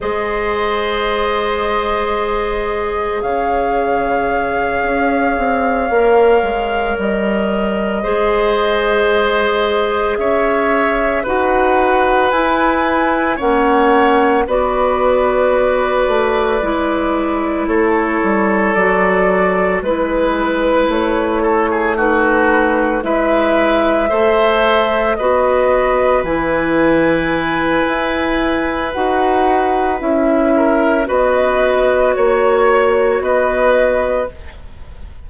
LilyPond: <<
  \new Staff \with { instrumentName = "flute" } { \time 4/4 \tempo 4 = 56 dis''2. f''4~ | f''2~ f''8 dis''4.~ | dis''4. e''4 fis''4 gis''8~ | gis''8 fis''4 d''2~ d''8~ |
d''8 cis''4 d''4 b'4 cis''8~ | cis''8 b'4 e''2 dis''8~ | dis''8 gis''2~ gis''8 fis''4 | e''4 dis''4 cis''4 dis''4 | }
  \new Staff \with { instrumentName = "oboe" } { \time 4/4 c''2. cis''4~ | cis''2.~ cis''8 c''8~ | c''4. cis''4 b'4.~ | b'8 cis''4 b'2~ b'8~ |
b'8 a'2 b'4. | a'16 gis'16 fis'4 b'4 c''4 b'8~ | b'1~ | b'8 ais'8 b'4 cis''4 b'4 | }
  \new Staff \with { instrumentName = "clarinet" } { \time 4/4 gis'1~ | gis'4. ais'2 gis'8~ | gis'2~ gis'8 fis'4 e'8~ | e'8 cis'4 fis'2 e'8~ |
e'4. fis'4 e'4.~ | e'8 dis'4 e'4 a'4 fis'8~ | fis'8 e'2~ e'8 fis'4 | e'4 fis'2. | }
  \new Staff \with { instrumentName = "bassoon" } { \time 4/4 gis2. cis4~ | cis8 cis'8 c'8 ais8 gis8 g4 gis8~ | gis4. cis'4 dis'4 e'8~ | e'8 ais4 b4. a8 gis8~ |
gis8 a8 g8 fis4 gis4 a8~ | a4. gis4 a4 b8~ | b8 e4. e'4 dis'4 | cis'4 b4 ais4 b4 | }
>>